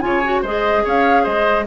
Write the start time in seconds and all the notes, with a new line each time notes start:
0.00 C#3 F4 C#5 G#5
0.24 F#4
0.42 G#3 G#4 C5 D#5
0.84 C#4 C#5 F5
1.23 G#3 C5 D#5